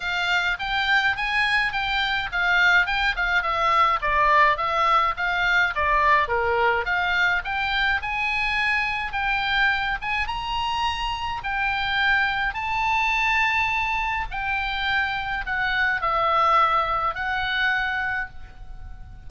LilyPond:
\new Staff \with { instrumentName = "oboe" } { \time 4/4 \tempo 4 = 105 f''4 g''4 gis''4 g''4 | f''4 g''8 f''8 e''4 d''4 | e''4 f''4 d''4 ais'4 | f''4 g''4 gis''2 |
g''4. gis''8 ais''2 | g''2 a''2~ | a''4 g''2 fis''4 | e''2 fis''2 | }